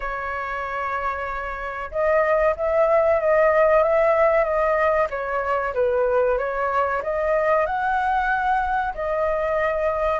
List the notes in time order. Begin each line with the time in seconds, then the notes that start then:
0.00 C#5
1.91 D#5
2.56 E5
3.20 D#5
3.83 E5
4.44 D#5
5.09 C#5
5.74 B4
6.38 C#5
7.02 D#5
7.66 F#5
8.94 D#5